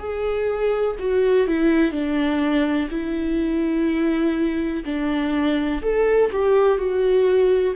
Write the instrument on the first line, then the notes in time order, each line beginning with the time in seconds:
viola
0.00 G#4
1.00 F#4
1.48 E4
1.92 D4
2.91 E4
4.85 D4
5.82 A4
6.33 G4
6.79 F#4